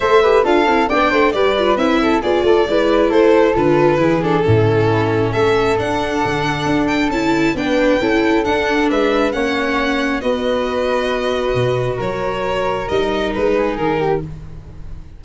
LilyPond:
<<
  \new Staff \with { instrumentName = "violin" } { \time 4/4 \tempo 4 = 135 e''4 f''4 g''4 d''4 | e''4 d''2 c''4 | b'4. a'2~ a'8 | e''4 fis''2~ fis''8 g''8 |
a''4 g''2 fis''4 | e''4 fis''2 dis''4~ | dis''2. cis''4~ | cis''4 dis''4 b'4 ais'4 | }
  \new Staff \with { instrumentName = "flute" } { \time 4/4 c''8 b'8 a'4 d''8 c''8 b'4~ | b'8 a'8 gis'8 a'8 b'4 a'4~ | a'4 gis'4 e'2 | a'1~ |
a'4 b'4 a'2 | b'4 cis''2 b'4~ | b'2. ais'4~ | ais'2~ ais'8 gis'4 g'8 | }
  \new Staff \with { instrumentName = "viola" } { \time 4/4 a'8 g'8 f'8 e'8 d'4 g'8 f'8 | e'4 f'4 e'2 | f'4 e'8 d'8 cis'2~ | cis'4 d'2. |
e'4 d'4 e'4 d'4~ | d'4 cis'2 fis'4~ | fis'1~ | fis'4 dis'2. | }
  \new Staff \with { instrumentName = "tuba" } { \time 4/4 a4 d'8 c'8 b8 a8 g4 | c'4 b8 a8 gis4 a4 | d4 e4 a,2 | a4 d'4 d4 d'4 |
cis'4 b4 cis'4 d'4 | gis4 ais2 b4~ | b2 b,4 fis4~ | fis4 g4 gis4 dis4 | }
>>